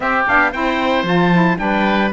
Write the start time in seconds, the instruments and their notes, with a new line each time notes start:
0.00 cello C4, saxophone C4, oboe G4, trumpet E5
0.26 cello B3, saxophone D4, trumpet F5
0.51 cello C4, saxophone E4, oboe C5, trumpet G5
1.03 cello F3, saxophone F4, trumpet A5
1.32 saxophone E4
1.57 cello G3, saxophone D4, oboe B4, trumpet G5